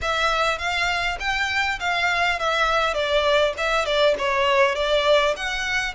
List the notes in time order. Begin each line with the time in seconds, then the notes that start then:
0.01 E5
0.58 F5
1.19 G5
1.79 F5
2.39 E5
2.94 D5
3.57 E5
3.85 D5
4.18 C#5
4.75 D5
5.36 F#5